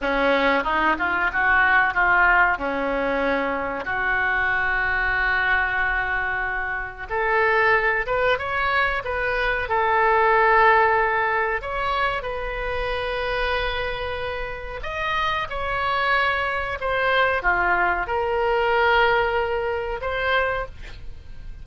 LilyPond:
\new Staff \with { instrumentName = "oboe" } { \time 4/4 \tempo 4 = 93 cis'4 dis'8 f'8 fis'4 f'4 | cis'2 fis'2~ | fis'2. a'4~ | a'8 b'8 cis''4 b'4 a'4~ |
a'2 cis''4 b'4~ | b'2. dis''4 | cis''2 c''4 f'4 | ais'2. c''4 | }